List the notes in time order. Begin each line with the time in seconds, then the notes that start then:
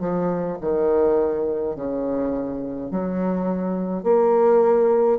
0.00 F3
0.61 D#3
1.76 C#3
2.91 F#3
4.03 A#3